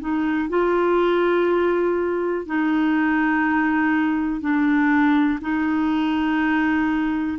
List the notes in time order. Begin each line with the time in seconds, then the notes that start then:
0.00 D#4
0.49 F4
2.46 D#4
4.41 D4
5.41 D#4